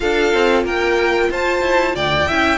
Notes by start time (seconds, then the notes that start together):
0.00 D4 F4 A4 F5
0.33 C4
0.63 A#3 A#4 G5
1.30 F4 C5 A5
1.61 E4
1.95 D2 D5 G5
2.27 C#4 E4 E5